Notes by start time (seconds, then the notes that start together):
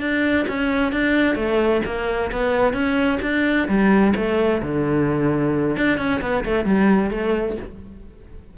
0.00 D4
0.48 C#4
0.92 D4
1.36 A3
1.85 A#3
2.32 B3
2.73 C#4
3.22 D4
3.68 G3
4.16 A3
4.62 D3
5.77 D4
5.98 C#4
6.21 B3
6.44 A3
6.65 G3
7.11 A3